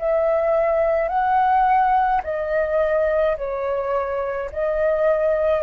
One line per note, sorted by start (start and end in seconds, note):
0.00 1.09 E5
1.09 2.22 F#5
2.24 3.37 D#5
3.38 4.51 C#5
4.52 5.63 D#5